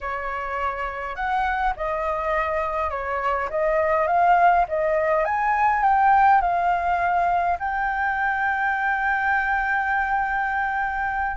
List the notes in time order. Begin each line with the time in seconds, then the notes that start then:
0.00 C#5
1.15 F#5
1.76 D#5
2.90 C#5
3.50 D#5
4.07 F5
4.68 D#5
5.25 G#5
5.83 G5
6.41 F5
7.59 G5